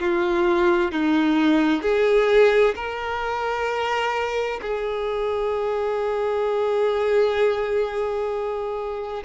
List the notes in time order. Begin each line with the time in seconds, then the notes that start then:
0.00 F4
0.92 D#4
1.83 G#4
2.76 A#4
4.62 G#4